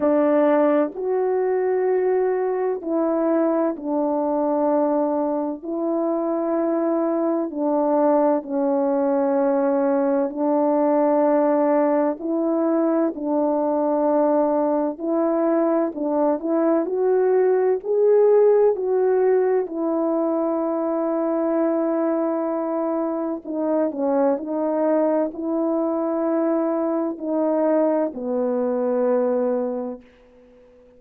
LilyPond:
\new Staff \with { instrumentName = "horn" } { \time 4/4 \tempo 4 = 64 d'4 fis'2 e'4 | d'2 e'2 | d'4 cis'2 d'4~ | d'4 e'4 d'2 |
e'4 d'8 e'8 fis'4 gis'4 | fis'4 e'2.~ | e'4 dis'8 cis'8 dis'4 e'4~ | e'4 dis'4 b2 | }